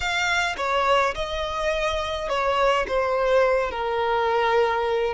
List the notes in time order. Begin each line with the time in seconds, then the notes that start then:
0.00 F5
0.57 C#5
1.15 D#5
2.28 C#5
2.87 C5
3.71 A#4